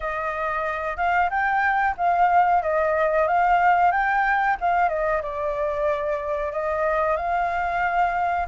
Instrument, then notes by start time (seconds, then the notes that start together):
flute
0.00 D#5
0.96 F5
1.30 G5
1.97 F5
2.62 D#5
3.27 F5
3.91 G5
4.60 F5
4.89 D#5
5.21 D5
6.52 D#5
7.16 F5